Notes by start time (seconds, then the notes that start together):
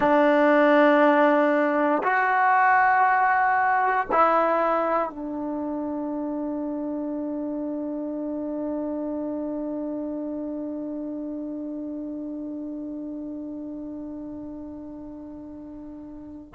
0.00 D4
2.03 F#4
4.11 E4
5.09 D4